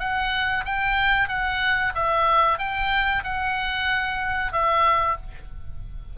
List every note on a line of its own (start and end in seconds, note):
0.00 0.65 F#5
0.65 1.29 G5
1.29 1.93 F#5
1.95 2.59 E5
2.59 3.23 G5
3.24 4.53 F#5
4.53 5.17 E5